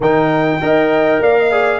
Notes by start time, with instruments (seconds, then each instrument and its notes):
0.00 tuba D#3, trombone D#4, horn A#4, trumpet G5
0.61 tuba D#4, trombone A#4, horn D#5
1.20 tuba A#3, horn D5, trumpet F5
1.39 horn D#5
1.51 trombone G#4, horn D5